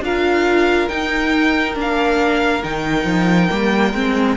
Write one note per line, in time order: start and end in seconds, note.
0.00 0.87 D4
0.00 0.89 F4
0.00 4.37 A#4
0.00 0.88 F5
0.88 1.75 D#4
0.88 1.76 D#4
0.88 1.75 G5
1.75 2.63 A#3
1.75 2.62 D4
1.75 2.64 F5
2.63 3.04 D#3
2.63 3.50 D#4
2.63 4.37 G5
3.04 3.48 F3
3.50 3.93 G3
3.50 3.94 A#3
3.93 4.36 G#3
3.93 4.37 C4